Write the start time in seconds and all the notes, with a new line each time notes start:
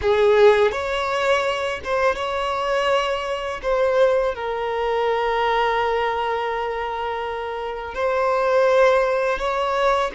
0.01 G#4
0.71 C#5
1.84 C5
2.15 C#5
3.62 C5
4.34 A#4
7.94 C5
9.38 C#5